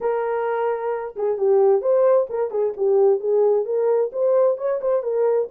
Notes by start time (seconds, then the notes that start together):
0.00 A#4
1.16 G#4
1.37 G4
1.81 C5
2.29 A#4
2.50 G#4
2.76 G4
3.20 G#4
3.65 A#4
4.12 C5
4.57 C#5
4.81 C5
5.02 A#4